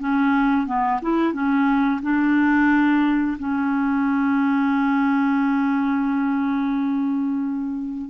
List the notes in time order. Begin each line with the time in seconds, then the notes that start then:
0.00 C#4
0.66 B3
1.02 E4
1.33 C#4
2.03 D4
3.39 C#4